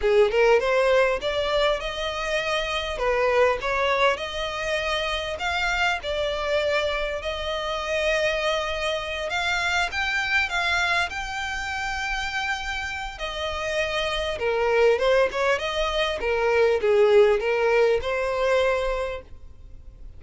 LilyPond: \new Staff \with { instrumentName = "violin" } { \time 4/4 \tempo 4 = 100 gis'8 ais'8 c''4 d''4 dis''4~ | dis''4 b'4 cis''4 dis''4~ | dis''4 f''4 d''2 | dis''2.~ dis''8 f''8~ |
f''8 g''4 f''4 g''4.~ | g''2 dis''2 | ais'4 c''8 cis''8 dis''4 ais'4 | gis'4 ais'4 c''2 | }